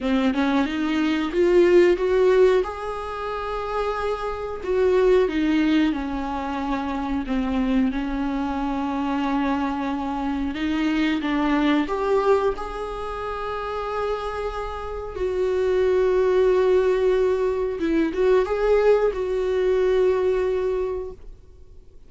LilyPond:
\new Staff \with { instrumentName = "viola" } { \time 4/4 \tempo 4 = 91 c'8 cis'8 dis'4 f'4 fis'4 | gis'2. fis'4 | dis'4 cis'2 c'4 | cis'1 |
dis'4 d'4 g'4 gis'4~ | gis'2. fis'4~ | fis'2. e'8 fis'8 | gis'4 fis'2. | }